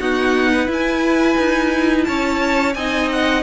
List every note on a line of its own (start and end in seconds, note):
0.00 0.67 B3
0.00 0.68 D#4
0.00 0.51 F#4
0.00 0.69 F#5
0.51 2.06 B4
0.67 2.74 E4
0.67 1.36 E4
0.67 2.04 G#5
1.38 2.07 D#4
2.04 2.75 C#4
2.04 2.76 C#5
2.04 2.73 A5
2.74 3.43 C4
2.74 3.43 D#4
2.74 3.43 D#5
2.74 3.09 G#5
3.12 3.43 F#5